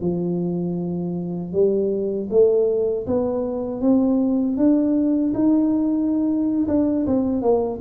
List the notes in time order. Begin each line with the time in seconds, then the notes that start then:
0.00 F3
1.52 G3
2.30 A3
3.06 B3
3.81 C4
4.57 D4
5.34 D#4
6.67 D4
7.06 C4
7.42 A#3